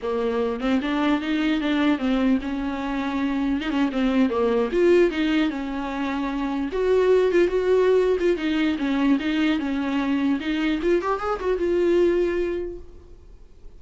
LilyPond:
\new Staff \with { instrumentName = "viola" } { \time 4/4 \tempo 4 = 150 ais4. c'8 d'4 dis'4 | d'4 c'4 cis'2~ | cis'4 dis'16 cis'8 c'4 ais4 f'16~ | f'8. dis'4 cis'2~ cis'16~ |
cis'8. fis'4. f'8 fis'4~ fis'16~ | fis'8 f'8 dis'4 cis'4 dis'4 | cis'2 dis'4 f'8 g'8 | gis'8 fis'8 f'2. | }